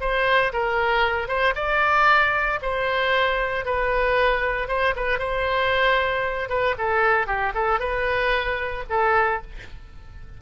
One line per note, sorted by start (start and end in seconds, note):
0.00 0.52 C5
0.52 1.28 A#4
1.28 1.54 C5
1.55 2.59 D5
2.62 3.65 C5
3.65 4.68 B4
4.68 4.94 C5
4.96 5.19 B4
5.19 6.49 C5
6.49 6.75 B4
6.78 7.27 A4
7.27 7.53 G4
7.54 7.79 A4
7.79 8.84 B4
8.89 9.42 A4